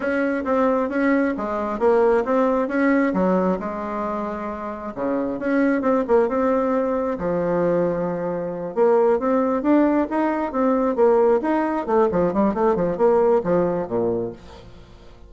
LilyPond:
\new Staff \with { instrumentName = "bassoon" } { \time 4/4 \tempo 4 = 134 cis'4 c'4 cis'4 gis4 | ais4 c'4 cis'4 fis4 | gis2. cis4 | cis'4 c'8 ais8 c'2 |
f2.~ f8 ais8~ | ais8 c'4 d'4 dis'4 c'8~ | c'8 ais4 dis'4 a8 f8 g8 | a8 f8 ais4 f4 ais,4 | }